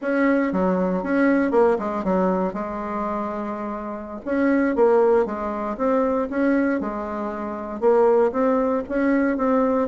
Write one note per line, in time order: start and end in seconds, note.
0.01 0.52 C#4
0.52 1.03 F#3
1.03 1.51 C#4
1.51 1.77 A#3
1.78 2.04 G#3
2.04 2.53 F#3
2.53 4.20 G#3
4.25 4.75 C#4
4.75 5.25 A#3
5.25 5.76 G#3
5.77 6.28 C4
6.29 6.80 C#4
6.80 7.80 G#3
7.80 8.31 A#3
8.32 8.83 C4
8.89 9.37 C#4
9.37 9.88 C4